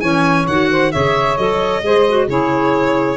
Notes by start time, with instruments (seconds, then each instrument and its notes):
0.00 tuba E3, clarinet C#4, saxophone C#5, violin G#5
0.47 tuba D#3, clarinet F#4, violin F#5
0.71 saxophone C5
0.92 tuba C#3, clarinet G#4, saxophone C#5, violin E5
1.37 tuba F#3, clarinet A4, violin D#5
1.82 tuba G#3, clarinet G#4, saxophone C5
2.08 clarinet F#4
2.27 tuba C#3, clarinet E4, saxophone G#4, violin C#5